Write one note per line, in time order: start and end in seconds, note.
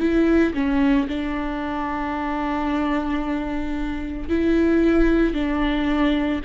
0.00 0.54 E4
0.54 1.08 C#4
1.09 4.30 D4
4.30 5.34 E4
5.34 6.41 D4